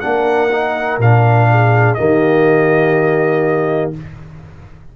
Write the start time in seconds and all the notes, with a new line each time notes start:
0.00 A#3 D4 A#4 F#5
0.51 D#4
0.98 A#2 D4 F5
1.50 G#4
1.94 D#3 A#3 G4 D#5